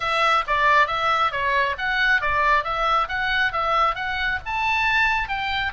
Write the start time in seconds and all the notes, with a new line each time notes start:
0.00 E5
0.47 D5
0.87 E5
1.31 C#5
1.78 F#5
2.21 D5
2.64 E5
3.08 F#5
3.52 E5
3.95 F#5
4.45 A5
5.28 G5